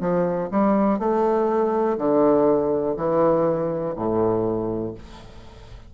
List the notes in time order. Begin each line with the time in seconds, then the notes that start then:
0.00 F3
0.51 G3
0.99 A3
1.98 D3
2.96 E3
3.96 A2